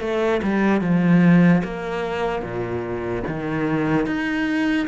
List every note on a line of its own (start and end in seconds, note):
0.00 0.41 A3
0.42 0.81 G3
0.81 1.62 F3
1.64 2.42 A#3
2.42 3.23 A#2
3.27 4.06 D#3
4.06 4.87 D#4